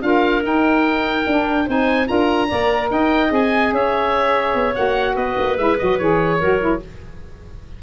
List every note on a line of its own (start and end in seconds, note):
0.00 0.43 D4
0.00 0.41 F4
0.00 1.66 A#4
0.00 0.43 F5
0.42 1.24 D#4
0.42 1.25 D#4
0.42 1.69 G5
1.26 1.67 D4
1.26 1.68 D4
1.66 2.09 C4
1.66 2.06 D#4
1.66 2.07 C5
1.66 2.07 G#5
2.06 2.51 D4
2.06 2.47 F4
2.06 2.48 A#4
2.06 2.90 A#5
2.48 2.90 A#3
2.48 3.29 A#4
2.48 2.89 D5
2.90 3.31 D#4
2.90 3.73 D#5
2.90 3.32 G5
3.29 3.72 C4
3.29 4.73 G#4
3.29 3.74 G#5
3.72 4.54 C#4
3.72 5.14 C#5
3.72 4.75 E5
4.54 4.75 B3
4.74 5.15 A#3
4.74 5.56 F#4
4.74 5.16 F#5
5.14 5.36 B3
5.14 6.37 B4
5.14 5.57 D#5
5.38 5.57 A#3
5.57 5.77 G#3
5.57 5.78 E4
5.57 5.77 E5
5.78 6.00 F#3
5.78 6.00 F#4
5.78 5.98 D#5
5.98 6.41 E3
5.98 6.41 G#4
5.98 6.80 C#5
6.38 6.82 F#3
6.38 6.61 F#4
6.38 6.79 A#4
6.61 6.81 E4